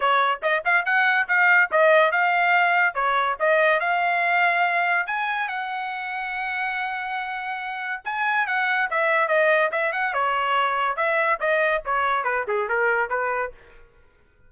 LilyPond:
\new Staff \with { instrumentName = "trumpet" } { \time 4/4 \tempo 4 = 142 cis''4 dis''8 f''8 fis''4 f''4 | dis''4 f''2 cis''4 | dis''4 f''2. | gis''4 fis''2.~ |
fis''2. gis''4 | fis''4 e''4 dis''4 e''8 fis''8 | cis''2 e''4 dis''4 | cis''4 b'8 gis'8 ais'4 b'4 | }